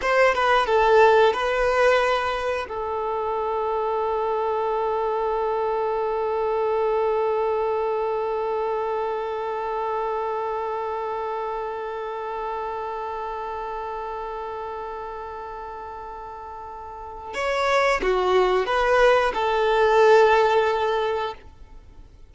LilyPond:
\new Staff \with { instrumentName = "violin" } { \time 4/4 \tempo 4 = 90 c''8 b'8 a'4 b'2 | a'1~ | a'1~ | a'1~ |
a'1~ | a'1~ | a'2 cis''4 fis'4 | b'4 a'2. | }